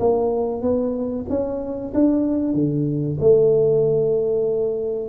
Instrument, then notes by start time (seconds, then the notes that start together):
tuba
0.00 A#3
0.62 B3
1.29 C#4
1.94 D4
2.54 D3
3.20 A3